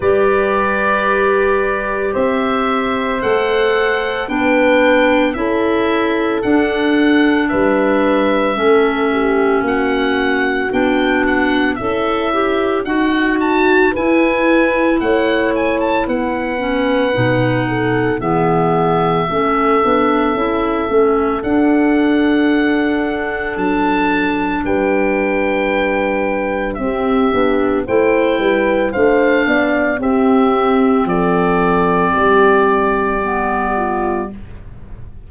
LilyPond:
<<
  \new Staff \with { instrumentName = "oboe" } { \time 4/4 \tempo 4 = 56 d''2 e''4 fis''4 | g''4 e''4 fis''4 e''4~ | e''4 fis''4 g''8 fis''8 e''4 | fis''8 a''8 gis''4 fis''8 gis''16 a''16 fis''4~ |
fis''4 e''2. | fis''2 a''4 g''4~ | g''4 e''4 g''4 f''4 | e''4 d''2. | }
  \new Staff \with { instrumentName = "horn" } { \time 4/4 b'2 c''2 | b'4 a'2 b'4 | a'8 g'8 fis'2 e'4 | fis'4 b'4 cis''4 b'4~ |
b'8 a'8 gis'4 a'2~ | a'2. b'4~ | b'4 g'4 c''8 b'8 c''8 d''8 | g'4 a'4 g'4. f'8 | }
  \new Staff \with { instrumentName = "clarinet" } { \time 4/4 g'2. a'4 | d'4 e'4 d'2 | cis'2 d'4 a'8 g'8 | fis'4 e'2~ e'8 cis'8 |
dis'4 b4 cis'8 d'8 e'8 cis'8 | d'1~ | d'4 c'8 d'8 e'4 d'4 | c'2. b4 | }
  \new Staff \with { instrumentName = "tuba" } { \time 4/4 g2 c'4 a4 | b4 cis'4 d'4 g4 | a4 ais4 b4 cis'4 | dis'4 e'4 a4 b4 |
b,4 e4 a8 b8 cis'8 a8 | d'2 fis4 g4~ | g4 c'8 b8 a8 g8 a8 b8 | c'4 f4 g2 | }
>>